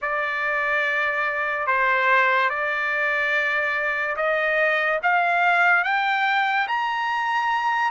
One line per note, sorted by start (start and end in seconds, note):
0.01 1.66 D5
1.66 2.49 C5
2.49 4.16 D5
4.16 4.99 D#5
5.02 5.83 F5
5.83 6.67 G5
6.67 7.91 A#5